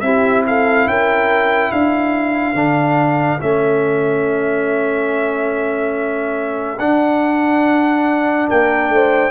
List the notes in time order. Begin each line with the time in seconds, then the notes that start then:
0.00 C4 E4 G4 E5
0.47 A4 F5
0.86 C#4 A#4 G5
1.71 D4 A4 F5
2.54 D3 D4
3.40 A3 C#4 E5
6.79 D4 F#5
8.48 A#3 A#4 G5
8.89 A3 C5